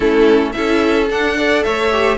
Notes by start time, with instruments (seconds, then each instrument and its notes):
0.00 cello A3, viola C#4, violin E4 A4
0.52 cello C#4, viola E4, violin A4 E5
1.09 viola D4, cello D4, violin F#5
1.36 viola A4, violin D5
1.63 cello A3, violin C#5 E5
1.91 viola G4